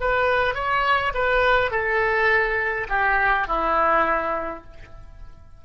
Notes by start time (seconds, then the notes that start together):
0.00 B4
0.54 C#5
1.14 B4
1.71 A4
2.89 G4
3.47 E4